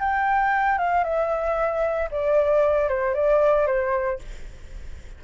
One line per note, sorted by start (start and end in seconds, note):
0.00 0.78 G5
0.78 1.04 F5
1.04 2.09 E5
2.11 2.89 D5
2.89 3.14 C5
3.14 3.67 D5
3.67 4.19 C5